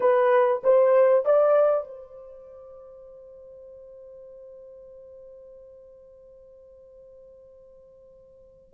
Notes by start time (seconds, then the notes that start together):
0.00 B4
0.63 C5
1.25 D5
1.87 C5